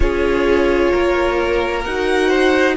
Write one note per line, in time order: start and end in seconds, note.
0.00 0.92 C#4
0.00 1.83 F4
0.00 0.91 G#4
0.00 1.83 C#5
0.91 1.85 A#3
0.91 2.28 A#4
1.84 2.76 D#4
1.84 2.76 F#4
1.84 2.76 F#5
2.28 2.74 C5